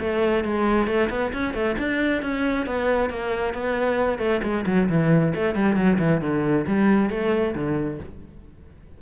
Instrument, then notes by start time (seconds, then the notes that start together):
cello
0.00 A3
0.44 G#3
0.87 A3
1.10 B3
1.33 C#4
1.54 A3
1.78 D4
2.22 C#4
2.66 B3
3.10 A#3
3.54 B3
4.19 A3
4.43 G#3
4.66 F#3
4.89 E3
5.35 A3
5.55 G3
5.76 F#3
5.99 E3
6.21 D3
6.67 G3
7.10 A3
7.55 D3